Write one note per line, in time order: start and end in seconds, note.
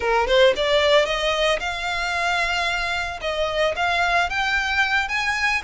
0.00 0.27 A#4
0.27 0.54 C5
0.56 1.05 D5
1.05 1.59 D#5
1.59 3.20 F5
3.21 3.75 D#5
3.75 4.29 F5
4.29 5.08 G5
5.08 5.62 G#5